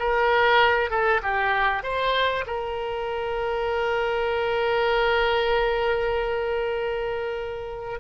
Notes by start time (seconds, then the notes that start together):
0.00 A#4
0.91 A4
1.23 G4
1.83 C5
2.47 A#4